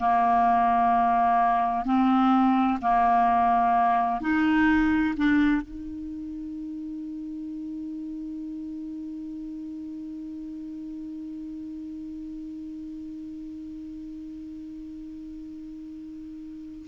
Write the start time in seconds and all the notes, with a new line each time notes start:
0.00 A#3
1.86 C4
2.82 A#3
4.21 D#4
5.17 D4
5.62 D#4